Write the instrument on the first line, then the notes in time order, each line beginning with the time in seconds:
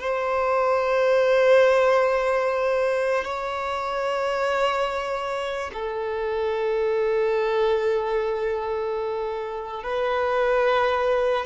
violin
0.00 C5
3.24 C#5
5.73 A4
9.83 B4